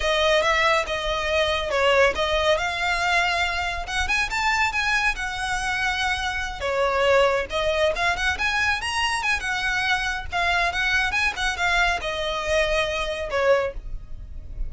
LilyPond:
\new Staff \with { instrumentName = "violin" } { \time 4/4 \tempo 4 = 140 dis''4 e''4 dis''2 | cis''4 dis''4 f''2~ | f''4 fis''8 gis''8 a''4 gis''4 | fis''2.~ fis''8 cis''8~ |
cis''4. dis''4 f''8 fis''8 gis''8~ | gis''8 ais''4 gis''8 fis''2 | f''4 fis''4 gis''8 fis''8 f''4 | dis''2. cis''4 | }